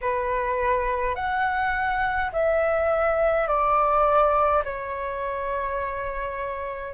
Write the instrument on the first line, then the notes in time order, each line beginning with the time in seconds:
flute
0.01 B4
1.15 F#5
2.32 E5
3.47 D5
4.64 C#5